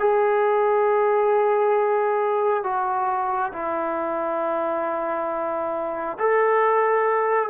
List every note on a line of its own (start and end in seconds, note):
0.00 2.64 G#4
2.64 3.52 F#4
3.53 6.18 E4
6.19 7.50 A4